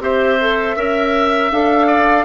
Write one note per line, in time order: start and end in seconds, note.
0.00 0.75 C4
0.00 0.38 G4
0.00 0.76 C5
0.00 1.51 E5
0.41 0.77 A4
0.76 1.52 C#4
0.76 1.52 A#4
0.76 1.87 E5
1.51 2.25 D4
1.51 2.25 A4
1.51 2.25 F5
1.87 2.25 D5